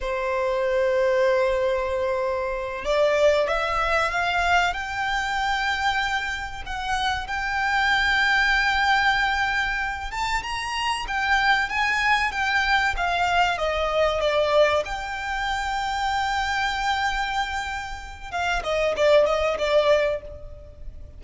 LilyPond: \new Staff \with { instrumentName = "violin" } { \time 4/4 \tempo 4 = 95 c''1~ | c''8 d''4 e''4 f''4 g''8~ | g''2~ g''8 fis''4 g''8~ | g''1 |
a''8 ais''4 g''4 gis''4 g''8~ | g''8 f''4 dis''4 d''4 g''8~ | g''1~ | g''4 f''8 dis''8 d''8 dis''8 d''4 | }